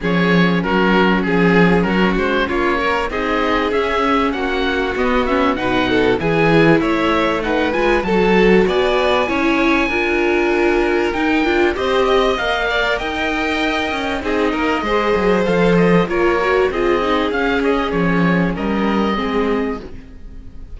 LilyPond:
<<
  \new Staff \with { instrumentName = "oboe" } { \time 4/4 \tempo 4 = 97 cis''4 ais'4 gis'4 ais'8 c''8 | cis''4 dis''4 e''4 fis''4 | dis''8 e''8 fis''4 gis''4 e''4 | fis''8 gis''8 a''4 gis''2~ |
gis''2 g''4 dis''4 | f''4 g''2 dis''4~ | dis''4 f''8 dis''8 cis''4 dis''4 | f''8 dis''8 cis''4 dis''2 | }
  \new Staff \with { instrumentName = "violin" } { \time 4/4 gis'4 fis'4 gis'4 fis'4 | f'8 ais'8 gis'2 fis'4~ | fis'4 b'8 a'8 gis'4 cis''4 | b'4 a'4 d''4 cis''4 |
ais'2. c''8 dis''8~ | dis''8 d''8 dis''2 gis'8 ais'8 | c''2 ais'4 gis'4~ | gis'2 ais'4 gis'4 | }
  \new Staff \with { instrumentName = "viola" } { \time 4/4 cis'1~ | cis'4 dis'4 cis'2 | b8 cis'8 dis'4 e'2 | dis'8 f'8 fis'2 e'4 |
f'2 dis'8 f'8 g'4 | ais'2. dis'4 | gis'4 a'4 f'8 fis'8 f'8 dis'8 | cis'2. c'4 | }
  \new Staff \with { instrumentName = "cello" } { \time 4/4 f4 fis4 f4 fis8 gis8 | ais4 c'4 cis'4 ais4 | b4 b,4 e4 a4~ | a8 gis8 fis4 b4 cis'4 |
d'2 dis'8 d'8 c'4 | ais4 dis'4. cis'8 c'8 ais8 | gis8 fis8 f4 ais4 c'4 | cis'4 f4 g4 gis4 | }
>>